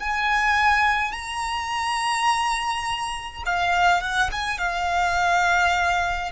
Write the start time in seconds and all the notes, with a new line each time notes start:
0.00 G#5
1.12 A#5
3.46 F5
4.01 F#5
4.32 G#5
4.58 F5